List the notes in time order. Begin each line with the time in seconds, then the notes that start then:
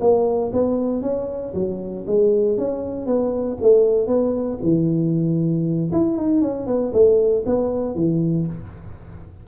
0.00 A#3
0.52 B3
1.02 C#4
1.54 F#3
2.07 G#3
2.57 C#4
3.06 B3
3.61 A3
4.07 B3
4.62 E3
5.92 E4
6.17 D#4
6.41 C#4
6.66 B3
6.93 A3
7.45 B3
7.95 E3